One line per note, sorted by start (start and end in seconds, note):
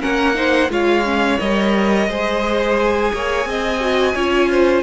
0.00 0.69 A#3
0.00 0.34 C#4
0.00 0.35 A#4
0.00 0.70 F#5
0.34 0.69 D#4
0.34 0.70 C5
0.69 1.38 G#3
0.69 1.04 F4
0.69 2.08 C#5
0.69 1.39 F5
1.04 1.38 C#4
1.39 2.08 G3
1.39 2.10 A#4
1.39 2.77 D#5
2.08 3.11 G#3
2.08 3.80 G#4
2.08 3.12 C5
2.79 4.83 G#5
3.13 3.45 A#3
3.13 3.48 C#5
3.45 4.14 C4
3.45 4.14 D#5
3.80 4.14 F#4
4.14 4.83 C#4
4.14 4.83 F4
4.14 4.49 C#5
4.50 4.83 C5